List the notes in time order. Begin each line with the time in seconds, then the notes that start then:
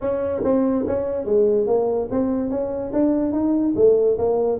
0.01 C#4
0.44 C4
0.87 C#4
1.25 G#3
1.66 A#3
2.10 C4
2.50 C#4
2.92 D4
3.32 D#4
3.76 A3
4.18 A#3